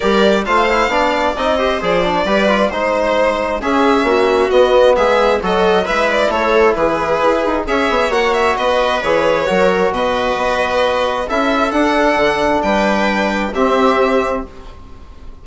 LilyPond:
<<
  \new Staff \with { instrumentName = "violin" } { \time 4/4 \tempo 4 = 133 d''4 f''2 dis''4 | d''2 c''2 | e''2 dis''4 e''4 | dis''4 e''8 d''8 cis''4 b'4~ |
b'4 e''4 fis''8 e''8 dis''4 | cis''2 dis''2~ | dis''4 e''4 fis''2 | g''2 e''2 | }
  \new Staff \with { instrumentName = "viola" } { \time 4/4 ais'4 c''4 d''4. c''8~ | c''4 b'4 c''2 | gis'4 fis'2 gis'4 | a'4 b'4 a'4 gis'4~ |
gis'4 cis''2 b'4~ | b'4 ais'4 b'2~ | b'4 a'2. | b'2 g'2 | }
  \new Staff \with { instrumentName = "trombone" } { \time 4/4 g'4 f'8 e'8 d'4 dis'8 g'8 | gis'8 d'8 g'8 f'8 dis'2 | cis'2 b2 | fis'4 e'2.~ |
e'4 gis'4 fis'2 | gis'4 fis'2.~ | fis'4 e'4 d'2~ | d'2 c'2 | }
  \new Staff \with { instrumentName = "bassoon" } { \time 4/4 g4 a4 b4 c'4 | f4 g4 gis2 | cis'4 ais4 b4 gis4 | fis4 gis4 a4 e4 |
e'8 dis'8 cis'8 b8 ais4 b4 | e4 fis4 b,4 b4~ | b4 cis'4 d'4 d4 | g2 c'2 | }
>>